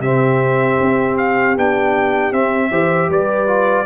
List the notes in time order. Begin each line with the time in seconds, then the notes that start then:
0.00 C3 C4 G4 E5
0.81 C4
1.18 F5
1.57 B3 D4 G5
2.32 C4 E5
2.71 E3 G4 C5
3.10 G3 B4 D5
3.47 F4